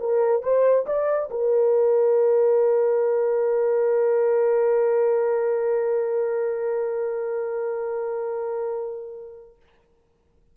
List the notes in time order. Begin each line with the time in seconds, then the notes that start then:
0.00 A#4
0.43 C5
0.87 D5
1.31 A#4